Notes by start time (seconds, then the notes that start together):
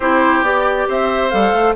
0.00 C4 E4 G4 C5
0.41 B3 G4 D5
0.87 C4 C5 E5
1.29 G3 A4 F5
1.52 A3